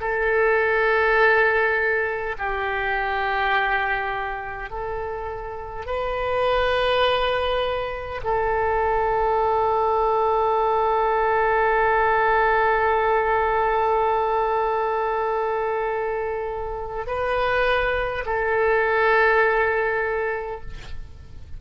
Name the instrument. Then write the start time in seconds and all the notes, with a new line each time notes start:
oboe
0.00 A4
2.39 G4
4.70 A4
5.86 B4
8.24 A4
17.06 B4
18.25 A4